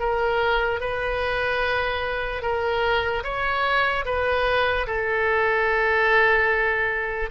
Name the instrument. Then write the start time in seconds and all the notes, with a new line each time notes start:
oboe
0.00 A#4
0.81 B4
2.43 A#4
3.24 C#5
4.05 B4
4.87 A4